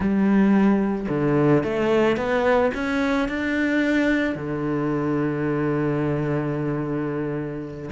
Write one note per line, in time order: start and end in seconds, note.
0.00 1.07 G3
1.09 1.63 D3
1.63 2.16 A3
2.16 2.71 B3
2.74 3.28 C#4
3.28 4.35 D4
4.35 7.89 D3